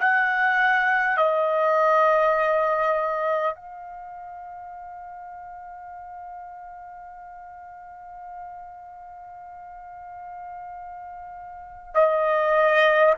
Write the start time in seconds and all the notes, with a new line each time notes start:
0.00 F#5
1.17 D#5
3.55 F5
11.95 D#5